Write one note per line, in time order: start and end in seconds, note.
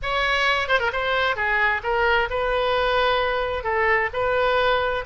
0.02 0.68 C#5
0.68 0.79 C5
0.79 0.91 A#4
0.92 1.36 C5
1.36 1.81 G#4
1.83 2.28 A#4
2.30 3.63 B4
3.63 4.09 A4
4.13 5.04 B4